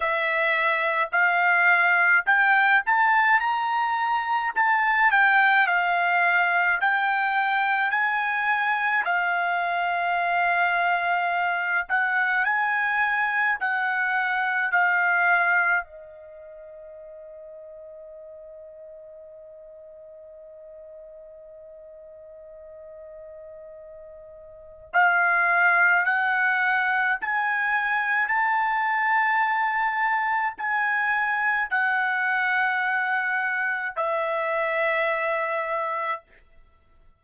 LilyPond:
\new Staff \with { instrumentName = "trumpet" } { \time 4/4 \tempo 4 = 53 e''4 f''4 g''8 a''8 ais''4 | a''8 g''8 f''4 g''4 gis''4 | f''2~ f''8 fis''8 gis''4 | fis''4 f''4 dis''2~ |
dis''1~ | dis''2 f''4 fis''4 | gis''4 a''2 gis''4 | fis''2 e''2 | }